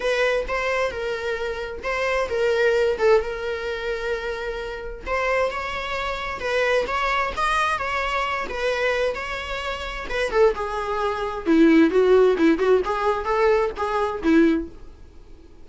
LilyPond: \new Staff \with { instrumentName = "viola" } { \time 4/4 \tempo 4 = 131 b'4 c''4 ais'2 | c''4 ais'4. a'8 ais'4~ | ais'2. c''4 | cis''2 b'4 cis''4 |
dis''4 cis''4. b'4. | cis''2 b'8 a'8 gis'4~ | gis'4 e'4 fis'4 e'8 fis'8 | gis'4 a'4 gis'4 e'4 | }